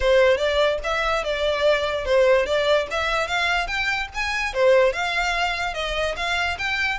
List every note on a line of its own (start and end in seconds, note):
0.00 0.37 C5
0.37 0.78 D5
0.83 1.23 E5
1.23 2.05 D5
2.05 2.46 C5
2.46 2.87 D5
2.90 3.27 E5
3.27 3.67 F5
3.67 4.08 G5
4.14 4.53 G#5
4.53 4.92 C5
4.92 5.74 F5
5.74 6.15 D#5
6.16 6.57 F5
6.58 6.98 G5